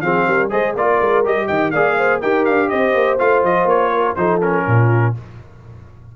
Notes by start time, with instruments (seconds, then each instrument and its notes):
0.00 tuba F3, trombone C4, horn G#4, trumpet F5
0.27 tuba G3, horn A#4
0.49 tuba G#3, trombone G#4, horn C5, trumpet D#5
0.75 tuba A#3, trombone F4, horn A#4, trumpet D5
1.00 tuba G#3
1.24 tuba G3, trombone G4, trumpet D#5
1.46 tuba D#3, horn D#5, trumpet G5
1.71 tuba A#3, trombone G#4, horn D5, trumpet F5
1.97 horn C5
2.20 tuba D#4, trombone G4, horn A#4, trumpet G5
2.45 tuba D4, trumpet F5
2.69 tuba C4, horn C5, trumpet D#5
2.94 tuba A#3
3.19 tuba A3, trombone F4, trumpet F5
3.43 tuba F3, trumpet D#5
3.64 tuba A#3, trumpet C#5
3.93 horn A#4
4.15 tuba F3, trombone D#4, horn A4, trumpet C5
4.41 trombone C#4, trumpet A#4
4.66 tuba A#2, horn F4